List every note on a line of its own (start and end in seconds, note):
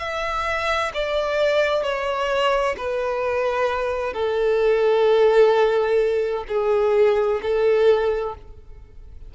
0.00 0.92 E5
0.94 1.83 D5
1.83 2.76 C#5
2.78 4.14 B4
4.14 6.44 A4
6.49 7.41 G#4
7.43 8.35 A4